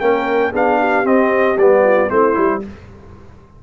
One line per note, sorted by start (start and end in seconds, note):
0.00 0.52 A#3
0.00 0.52 C#4
0.00 0.52 A#4
0.00 0.52 G5
0.52 1.04 B3
0.52 1.04 D4
0.52 0.78 G#4
0.52 1.06 F5
0.79 1.83 G4
1.04 1.56 C4
1.04 1.58 D#5
1.57 2.09 G3
1.57 2.09 B3
1.57 2.09 D5
1.83 2.09 F4
2.09 2.36 A3
2.09 2.33 C4
2.09 2.61 E4
2.09 2.61 C5
2.33 2.63 G3
2.33 2.59 E4